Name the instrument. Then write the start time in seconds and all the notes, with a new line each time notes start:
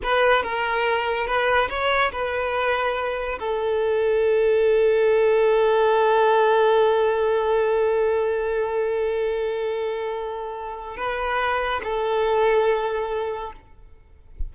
violin
0.03 B4
0.42 A#4
1.26 B4
1.69 C#5
2.12 B4
3.39 A4
10.96 B4
11.83 A4